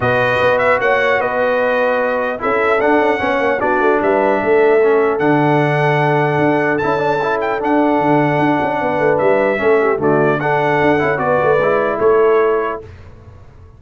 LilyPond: <<
  \new Staff \with { instrumentName = "trumpet" } { \time 4/4 \tempo 4 = 150 dis''4. e''8 fis''4 dis''4~ | dis''2 e''4 fis''4~ | fis''4 d''4 e''2~ | e''4 fis''2.~ |
fis''4 a''4. g''8 fis''4~ | fis''2. e''4~ | e''4 d''4 fis''2 | d''2 cis''2 | }
  \new Staff \with { instrumentName = "horn" } { \time 4/4 b'2 cis''4 b'4~ | b'2 a'2 | cis''4 fis'4 b'4 a'4~ | a'1~ |
a'1~ | a'2 b'2 | a'8 g'8 fis'4 a'2 | b'2 a'2 | }
  \new Staff \with { instrumentName = "trombone" } { \time 4/4 fis'1~ | fis'2 e'4 d'4 | cis'4 d'2. | cis'4 d'2.~ |
d'4 e'8 d'8 e'4 d'4~ | d'1 | cis'4 a4 d'4. e'8 | fis'4 e'2. | }
  \new Staff \with { instrumentName = "tuba" } { \time 4/4 b,4 b4 ais4 b4~ | b2 cis'4 d'8 cis'8 | b8 ais8 b8 a8 g4 a4~ | a4 d2. |
d'4 cis'2 d'4 | d4 d'8 cis'8 b8 a8 g4 | a4 d2 d'8 cis'8 | b8 a8 gis4 a2 | }
>>